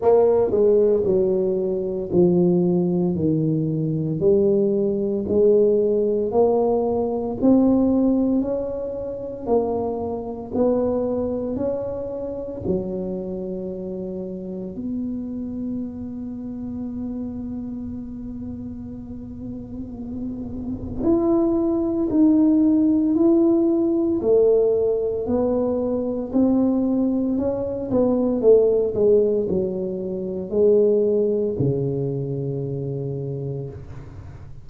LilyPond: \new Staff \with { instrumentName = "tuba" } { \time 4/4 \tempo 4 = 57 ais8 gis8 fis4 f4 dis4 | g4 gis4 ais4 c'4 | cis'4 ais4 b4 cis'4 | fis2 b2~ |
b1 | e'4 dis'4 e'4 a4 | b4 c'4 cis'8 b8 a8 gis8 | fis4 gis4 cis2 | }